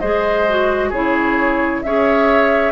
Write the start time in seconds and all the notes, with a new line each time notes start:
0.00 G#3 G#4 C5 D#5
0.49 F#4
0.90 C#3 E4 G#4 C#5
1.83 C#4 G#4 C#5 E5